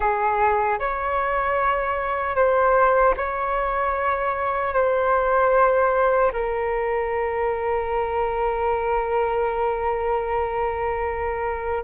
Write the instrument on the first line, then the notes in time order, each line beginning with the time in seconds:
flute
0.00 G#4
0.79 C#5
2.35 C5
3.16 C#5
4.73 C5
6.33 A#4